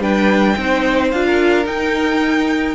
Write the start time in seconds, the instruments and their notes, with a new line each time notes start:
0.00 cello G3, viola D4, violin B4 G5
0.57 cello C4, viola D#4, violin C5
1.11 cello D4, viola F4, violin F5
1.26 violin A#4
1.64 viola D#4, cello D#4, violin G5